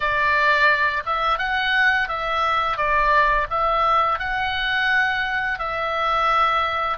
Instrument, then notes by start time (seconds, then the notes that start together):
oboe
0.00 D5
1.05 E5
1.38 F#5
2.08 E5
2.77 D5
3.49 E5
4.19 F#5
5.58 E5